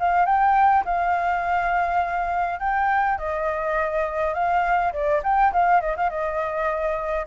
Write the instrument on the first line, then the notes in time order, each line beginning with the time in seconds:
flute
0.00 F5
0.26 G5
0.85 F5
2.60 G5
3.19 D#5
4.35 F5
4.93 D5
5.23 G5
5.53 F5
5.81 D#5
5.97 F5
6.10 D#5